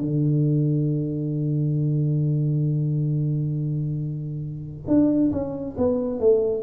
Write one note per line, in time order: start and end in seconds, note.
0.00 4.86 D3
4.88 5.32 D4
5.32 5.76 C#4
5.78 6.20 B3
6.20 6.63 A3